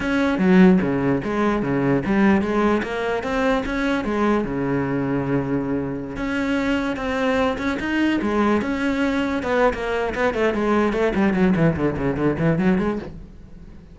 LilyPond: \new Staff \with { instrumentName = "cello" } { \time 4/4 \tempo 4 = 148 cis'4 fis4 cis4 gis4 | cis4 g4 gis4 ais4 | c'4 cis'4 gis4 cis4~ | cis2.~ cis16 cis'8.~ |
cis'4~ cis'16 c'4. cis'8 dis'8.~ | dis'16 gis4 cis'2 b8. | ais4 b8 a8 gis4 a8 g8 | fis8 e8 d8 cis8 d8 e8 fis8 gis8 | }